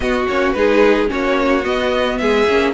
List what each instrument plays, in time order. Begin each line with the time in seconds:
0.00 cello B3, viola B3, violin F#4 D#5
0.28 cello A#3, viola C#4, violin C#5
0.52 cello G#3, viola D#4, violin G#4 B4
1.07 cello A#3, viola C#4, violin F#4 C#5
1.63 viola B3, cello B3, violin D#5
2.17 cello G#3, violin G#4 E5
2.48 cello A#3, viola C#4